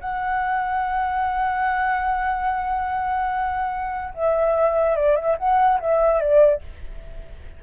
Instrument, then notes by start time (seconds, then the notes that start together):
flute
0.00 F#5
4.14 E5
4.96 D5
5.16 E5
5.38 F#5
5.80 E5
6.20 D5